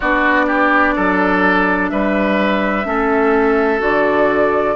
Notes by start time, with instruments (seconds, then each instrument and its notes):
0.00 bassoon B3, clarinet D4, oboe F#4, flute D5
0.46 oboe G4
0.95 bassoon F#3, oboe A4
1.89 bassoon G3, oboe B4, flute E5
2.84 bassoon A3, clarinet C#4, oboe A4
3.79 bassoon D3, clarinet F#4, flute D5